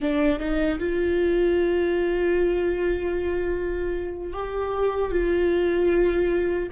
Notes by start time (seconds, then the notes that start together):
0.00 D4
0.39 D#4
0.79 F4
4.33 G4
5.11 F4